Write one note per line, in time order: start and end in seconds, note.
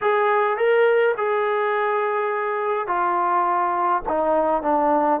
0.01 0.57 G#4
0.57 1.14 A#4
1.17 2.87 G#4
2.87 4.02 F4
4.08 4.62 D#4
4.62 5.20 D4